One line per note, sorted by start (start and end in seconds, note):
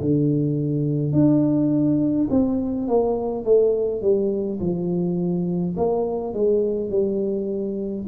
0.00 1.12 D3
1.12 2.28 D4
2.30 2.87 C4
2.87 3.45 A#3
3.45 4.02 A3
4.02 4.59 G3
4.60 5.75 F3
5.77 6.34 A#3
6.34 6.90 G#3
6.90 8.06 G3